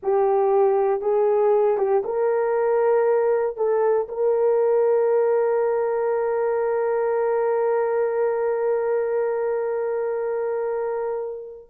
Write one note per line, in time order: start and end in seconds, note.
0.02 1.01 G4
1.01 1.77 G#4
1.77 2.02 G4
2.04 3.56 A#4
3.56 4.07 A4
4.08 11.69 A#4